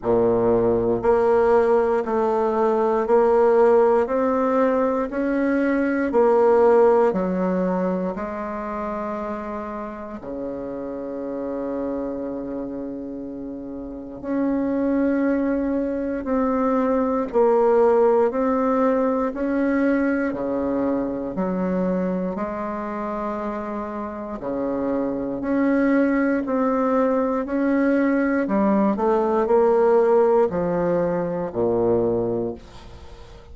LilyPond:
\new Staff \with { instrumentName = "bassoon" } { \time 4/4 \tempo 4 = 59 ais,4 ais4 a4 ais4 | c'4 cis'4 ais4 fis4 | gis2 cis2~ | cis2 cis'2 |
c'4 ais4 c'4 cis'4 | cis4 fis4 gis2 | cis4 cis'4 c'4 cis'4 | g8 a8 ais4 f4 ais,4 | }